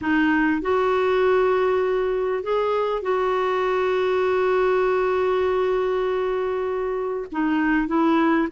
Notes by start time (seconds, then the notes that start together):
0.01 D#4
0.61 F#4
2.43 G#4
3.02 F#4
7.31 D#4
7.87 E4